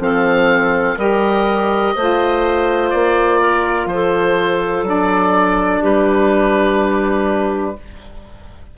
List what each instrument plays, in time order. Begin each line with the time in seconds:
0.00 bassoon F3, saxophone C4, clarinet A4, oboe F5
0.97 bassoon G3, saxophone G4, clarinet A#4, oboe D#5
1.95 bassoon A3, saxophone F4, clarinet C5
2.91 bassoon A#3, oboe D5
3.40 clarinet A#4
3.86 bassoon F3, oboe C5
3.94 clarinet A4
4.83 bassoon F#3, saxophone D4
4.90 oboe D5
5.82 bassoon G3, clarinet G4, oboe B4